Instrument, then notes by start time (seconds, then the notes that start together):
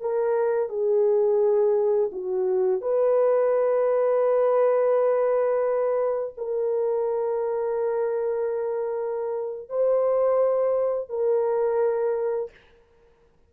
horn
0.00 A#4
0.69 G#4
2.12 F#4
2.81 B4
6.37 A#4
9.69 C5
11.09 A#4